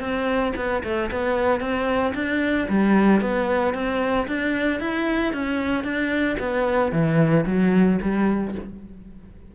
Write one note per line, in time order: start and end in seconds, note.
0.00 0.53 C4
0.56 0.83 B3
0.84 1.11 A3
1.11 1.60 B3
1.60 2.14 C4
2.15 2.68 D4
2.69 3.21 G3
3.21 3.74 B3
3.74 4.27 C4
4.28 4.80 D4
4.80 5.33 E4
5.33 5.84 C#4
5.84 6.37 D4
6.39 6.92 B3
6.92 7.45 E3
7.46 7.99 F#3
8.02 8.55 G3